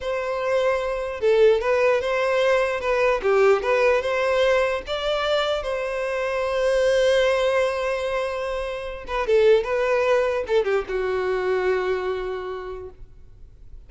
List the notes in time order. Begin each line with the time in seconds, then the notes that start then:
0.01 C5
1.20 A4
1.61 B4
2.01 C5
2.80 B4
3.22 G4
3.62 B4
4.01 C5
4.87 D5
5.62 C5
9.07 B4
9.26 A4
9.63 B4
10.47 A4
10.64 G4
10.88 F#4